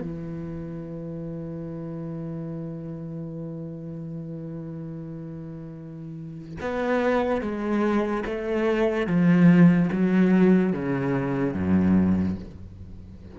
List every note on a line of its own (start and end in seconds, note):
0.00 6.58 E3
6.61 7.41 B3
7.41 8.23 G#3
8.25 9.07 A3
9.07 9.89 F3
9.92 10.73 F#3
10.73 11.54 C#3
11.54 12.36 F#2